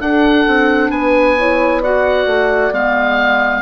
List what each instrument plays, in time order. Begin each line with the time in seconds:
0.00 bassoon D4, clarinet D4, horn A4, oboe F#5
0.48 bassoon C4
0.90 bassoon B3, horn B4, oboe G#5
1.38 clarinet E4, horn C#5
1.82 clarinet F#4, horn D5, oboe F#5
2.27 bassoon A3
2.72 bassoon G#3, clarinet B3, oboe F5